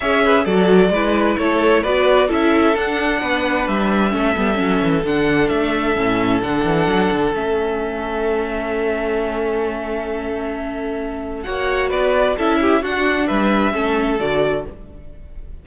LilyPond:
<<
  \new Staff \with { instrumentName = "violin" } { \time 4/4 \tempo 4 = 131 e''4 d''2 cis''4 | d''4 e''4 fis''2 | e''2. fis''4 | e''2 fis''2 |
e''1~ | e''1~ | e''4 fis''4 d''4 e''4 | fis''4 e''2 d''4 | }
  \new Staff \with { instrumentName = "violin" } { \time 4/4 cis''8 b'8 a'4 b'4 a'4 | b'4 a'2 b'4~ | b'4 a'2.~ | a'1~ |
a'1~ | a'1~ | a'4 cis''4 b'4 a'8 g'8 | fis'4 b'4 a'2 | }
  \new Staff \with { instrumentName = "viola" } { \time 4/4 gis'4 fis'4 e'2 | fis'4 e'4 d'2~ | d'4 cis'8 b8 cis'4 d'4~ | d'4 cis'4 d'2 |
cis'1~ | cis'1~ | cis'4 fis'2 e'4 | d'2 cis'4 fis'4 | }
  \new Staff \with { instrumentName = "cello" } { \time 4/4 cis'4 fis4 gis4 a4 | b4 cis'4 d'4 b4 | g4 a8 g8 fis8 e8 d4 | a4 a,4 d8 e8 fis8 d8 |
a1~ | a1~ | a4 ais4 b4 cis'4 | d'4 g4 a4 d4 | }
>>